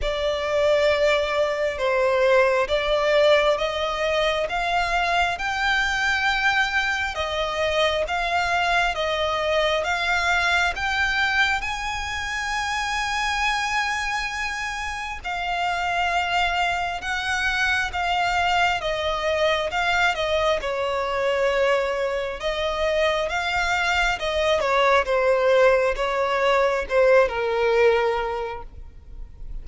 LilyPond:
\new Staff \with { instrumentName = "violin" } { \time 4/4 \tempo 4 = 67 d''2 c''4 d''4 | dis''4 f''4 g''2 | dis''4 f''4 dis''4 f''4 | g''4 gis''2.~ |
gis''4 f''2 fis''4 | f''4 dis''4 f''8 dis''8 cis''4~ | cis''4 dis''4 f''4 dis''8 cis''8 | c''4 cis''4 c''8 ais'4. | }